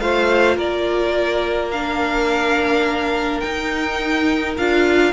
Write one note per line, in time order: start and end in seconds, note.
0.00 0.57 A3
0.00 1.73 F4
0.00 0.57 C5
0.00 0.57 F5
0.57 3.42 A#3
0.57 5.12 A#4
0.57 1.71 D5
1.71 3.42 D4
1.71 3.40 F5
3.40 4.57 D#4
3.40 4.54 G5
4.57 5.12 D4
4.57 5.12 F4
4.57 5.12 F5